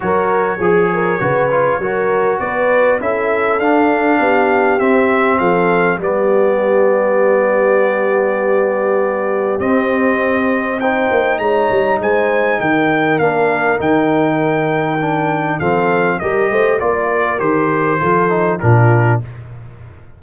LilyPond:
<<
  \new Staff \with { instrumentName = "trumpet" } { \time 4/4 \tempo 4 = 100 cis''1 | d''4 e''4 f''2 | e''4 f''4 d''2~ | d''1 |
dis''2 g''4 ais''4 | gis''4 g''4 f''4 g''4~ | g''2 f''4 dis''4 | d''4 c''2 ais'4 | }
  \new Staff \with { instrumentName = "horn" } { \time 4/4 ais'4 gis'8 ais'8 b'4 ais'4 | b'4 a'2 g'4~ | g'4 a'4 g'2~ | g'1~ |
g'2 c''4 cis''4 | c''4 ais'2.~ | ais'2 a'4 ais'8 c''8 | d''8 ais'4. a'4 f'4 | }
  \new Staff \with { instrumentName = "trombone" } { \time 4/4 fis'4 gis'4 fis'8 f'8 fis'4~ | fis'4 e'4 d'2 | c'2 b2~ | b1 |
c'2 dis'2~ | dis'2 d'4 dis'4~ | dis'4 d'4 c'4 g'4 | f'4 g'4 f'8 dis'8 d'4 | }
  \new Staff \with { instrumentName = "tuba" } { \time 4/4 fis4 f4 cis4 fis4 | b4 cis'4 d'4 b4 | c'4 f4 g2~ | g1 |
c'2~ c'8 ais8 gis8 g8 | gis4 dis4 ais4 dis4~ | dis2 f4 g8 a8 | ais4 dis4 f4 ais,4 | }
>>